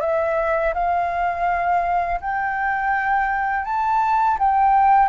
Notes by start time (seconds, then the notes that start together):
0.00 E5
0.74 F5
2.21 G5
3.65 A5
4.39 G5